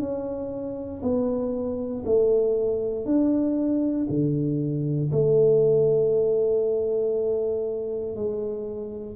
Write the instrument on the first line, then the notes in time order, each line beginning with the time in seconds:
tuba
0.00 C#4
1.02 B3
2.06 A3
3.06 D4
4.10 D3
5.12 A3
8.16 G#3